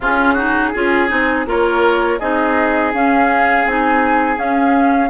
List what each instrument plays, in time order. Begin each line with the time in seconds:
0.00 bassoon C#3, clarinet C#4, oboe F4, flute G#4
0.33 clarinet D#4, oboe F#4
0.73 bassoon C#4, clarinet F4, oboe G#4
1.08 bassoon C4, clarinet D#4
1.46 bassoon A#3, clarinet F4, oboe A#4, flute C#5
2.19 bassoon C4, clarinet D#4, oboe G#4, flute D#5
2.93 bassoon C#4, clarinet C#4, flute F5
3.65 bassoon C4, clarinet D#4, flute G#5
4.36 clarinet C#4, bassoon C#4, flute F5